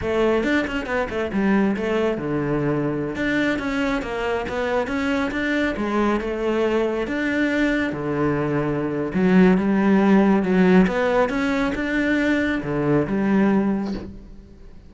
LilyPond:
\new Staff \with { instrumentName = "cello" } { \time 4/4 \tempo 4 = 138 a4 d'8 cis'8 b8 a8 g4 | a4 d2~ d16 d'8.~ | d'16 cis'4 ais4 b4 cis'8.~ | cis'16 d'4 gis4 a4.~ a16~ |
a16 d'2 d4.~ d16~ | d4 fis4 g2 | fis4 b4 cis'4 d'4~ | d'4 d4 g2 | }